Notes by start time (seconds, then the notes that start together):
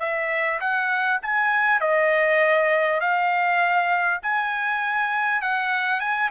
0.00 E5
0.61 F#5
1.22 G#5
1.81 D#5
3.01 F5
4.23 G#5
5.42 F#5
6.00 G#5